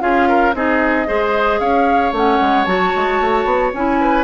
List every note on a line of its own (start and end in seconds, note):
0.00 0.54 C#4
0.00 0.53 F4
0.00 0.28 G#4
0.00 0.54 F5
0.28 0.55 A#4
0.54 1.07 C4
0.54 1.07 D#4
0.54 1.08 G#4
0.54 1.59 D#5
1.07 1.60 G#3
1.07 2.13 G#4
1.07 1.60 C5
1.59 2.12 C#4
1.59 3.99 C#5
1.59 2.12 F5
2.12 2.39 A3
2.12 2.66 C#4
2.12 2.64 F#5
2.40 2.66 G#3
2.64 2.92 F#3
2.64 3.73 F#4
2.64 3.71 A5
2.95 3.21 G#3
3.21 3.45 A3
3.45 3.71 B3
3.73 4.24 C#4
3.73 4.24 E4
3.73 4.24 G#5
4.01 4.24 B4